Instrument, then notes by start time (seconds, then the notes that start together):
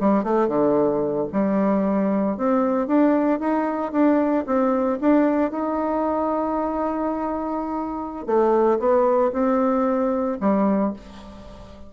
bassoon
0.00 G3
0.23 A3
0.48 D3
1.32 G3
2.37 C4
2.87 D4
3.39 D#4
3.92 D4
4.46 C4
5.00 D4
5.51 D#4
8.26 A3
8.79 B3
9.32 C4
10.40 G3